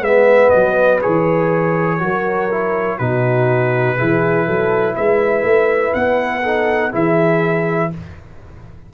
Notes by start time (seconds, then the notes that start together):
0.00 G#3 B3 B4 E5
0.50 F#3 D#5
1.01 E3 G#4 C#5
1.99 F#3 F#4 A#4
2.51 E4
2.97 B2 D#4 F#4 B4
3.96 E3 E4 G#4
4.45 F#3 A4
4.95 G#3 B4 E5
5.42 A3
5.93 B3 F#5
6.42 D#4 A4
6.91 E3 E4 G#4 E5